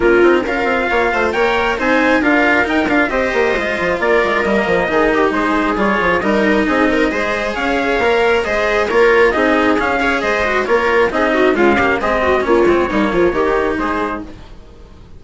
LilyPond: <<
  \new Staff \with { instrumentName = "trumpet" } { \time 4/4 \tempo 4 = 135 ais'4 f''2 g''4 | gis''4 f''4 g''8 f''8 dis''4~ | dis''4 d''4 dis''2 | c''4 cis''4 dis''2~ |
dis''4 f''2 dis''4 | cis''4 dis''4 f''4 dis''4 | cis''4 dis''4 f''4 dis''4 | cis''2. c''4 | }
  \new Staff \with { instrumentName = "viola" } { \time 4/4 f'4 ais'4 cis''8 c''8 cis''4 | c''4 ais'2 c''4~ | c''4 ais'2 gis'8 g'8 | gis'2 ais'4 gis'8 ais'8 |
c''4 cis''2 c''4 | ais'4 gis'4. cis''8 c''4 | ais'4 gis'8 fis'8 f'8 g'8 gis'8 fis'8 | f'4 dis'8 f'8 g'4 gis'4 | }
  \new Staff \with { instrumentName = "cello" } { \time 4/4 cis'8 dis'8 f'2 ais'4 | dis'4 f'4 dis'8 f'8 g'4 | f'2 ais4 dis'4~ | dis'4 f'4 dis'2 |
gis'2 ais'4 gis'4 | f'4 dis'4 cis'8 gis'4 fis'8 | f'4 dis'4 gis8 ais8 c'4 | cis'8 c'8 ais4 dis'2 | }
  \new Staff \with { instrumentName = "bassoon" } { \time 4/4 ais8 c'8 cis'8 c'8 ais8 a8 ais4 | c'4 d'4 dis'8 d'8 c'8 ais8 | gis8 f8 ais8 gis8 g8 f8 dis4 | gis4 g8 f8 g4 c'4 |
gis4 cis'4 ais4 gis4 | ais4 c'4 cis'4 gis4 | ais4 c'4 cis'4 gis4 | ais8 gis8 g8 f8 dis4 gis4 | }
>>